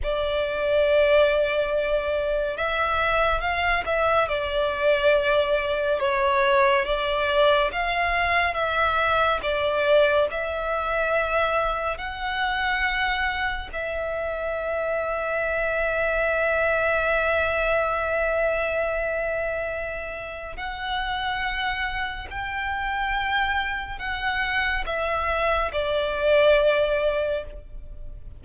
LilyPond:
\new Staff \with { instrumentName = "violin" } { \time 4/4 \tempo 4 = 70 d''2. e''4 | f''8 e''8 d''2 cis''4 | d''4 f''4 e''4 d''4 | e''2 fis''2 |
e''1~ | e''1 | fis''2 g''2 | fis''4 e''4 d''2 | }